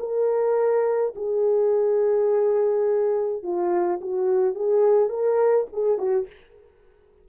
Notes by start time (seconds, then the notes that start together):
0.00 A#4
1.16 G#4
3.43 F4
4.01 F#4
4.55 G#4
5.09 A#4
5.73 G#4
5.98 F#4